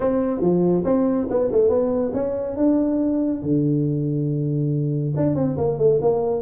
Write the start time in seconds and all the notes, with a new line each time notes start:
0.00 C4
0.40 F3
0.84 C4
1.30 B3
1.51 A3
1.69 B3
2.13 C#4
2.56 D4
3.42 D3
5.16 D4
5.35 C4
5.57 A#3
5.77 A3
6.01 A#3